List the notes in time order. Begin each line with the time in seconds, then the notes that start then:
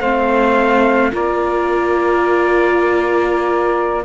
0.00 A3 C4 C5 F5
1.12 A#3 F4 A#4 D5